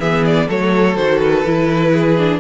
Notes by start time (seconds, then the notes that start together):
0.00 E3 B3 G#4 E5
0.26 D5
0.48 F#3 A3 A4 C#5
0.97 D#3 F#4 C5
1.19 B4
1.46 E3 E4
1.93 G#4
2.18 D4